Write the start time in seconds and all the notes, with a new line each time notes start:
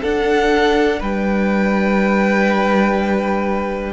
0.00 D4 A4 F#5
0.99 G3 B4 G5